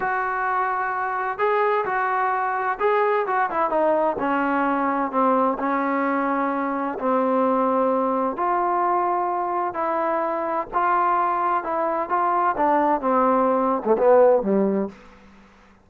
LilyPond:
\new Staff \with { instrumentName = "trombone" } { \time 4/4 \tempo 4 = 129 fis'2. gis'4 | fis'2 gis'4 fis'8 e'8 | dis'4 cis'2 c'4 | cis'2. c'4~ |
c'2 f'2~ | f'4 e'2 f'4~ | f'4 e'4 f'4 d'4 | c'4.~ c'16 a16 b4 g4 | }